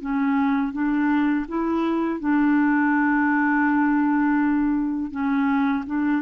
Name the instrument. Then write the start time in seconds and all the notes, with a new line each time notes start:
clarinet
0.00 C#4
0.72 D4
1.48 E4
2.19 D4
5.11 C#4
5.86 D4